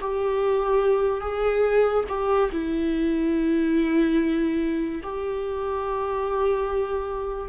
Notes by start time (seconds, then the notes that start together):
0.00 G4
1.20 G#4
2.08 G4
2.51 E4
5.03 G4